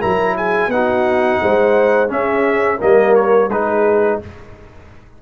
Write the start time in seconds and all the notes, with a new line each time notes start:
0.00 F#3 E4 A#4 A#5
0.36 G#4 G#5
0.67 B3 D#4 F#5
0.74 F#4
1.42 G#3 C5
2.08 C#4 G#4 E5
2.78 G3 A#3 A#4 D#5
3.15 C#5
3.49 G#3 D#4 G#4 B4